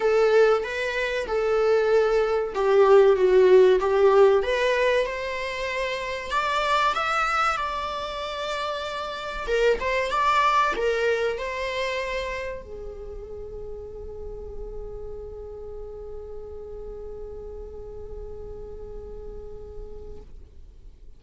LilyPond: \new Staff \with { instrumentName = "viola" } { \time 4/4 \tempo 4 = 95 a'4 b'4 a'2 | g'4 fis'4 g'4 b'4 | c''2 d''4 e''4 | d''2. ais'8 c''8 |
d''4 ais'4 c''2 | gis'1~ | gis'1~ | gis'1 | }